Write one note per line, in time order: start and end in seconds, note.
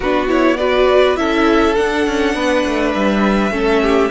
0.00 1.18 B3
0.00 0.27 D4
0.00 0.57 F#4
0.00 0.27 B4
0.27 0.57 E4
0.27 0.57 C#5
0.57 1.16 F#4
0.57 1.18 B4
0.57 1.16 D5
1.16 1.76 C#4
1.16 1.75 E4
1.16 2.35 A4
1.16 1.75 E5
1.75 3.51 D4
1.75 2.06 D4
1.75 2.92 F#5
2.06 2.34 C#4
2.34 2.64 B3
2.34 3.52 B4
2.65 2.94 A3
2.94 3.50 G3
2.94 4.11 E5
3.50 4.09 A3
3.50 4.10 C#4
3.50 3.82 A4
3.82 4.11 G4